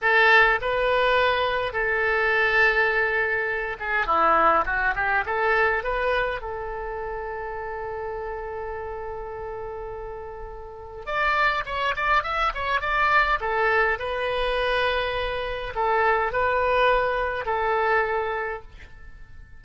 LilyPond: \new Staff \with { instrumentName = "oboe" } { \time 4/4 \tempo 4 = 103 a'4 b'2 a'4~ | a'2~ a'8 gis'8 e'4 | fis'8 g'8 a'4 b'4 a'4~ | a'1~ |
a'2. d''4 | cis''8 d''8 e''8 cis''8 d''4 a'4 | b'2. a'4 | b'2 a'2 | }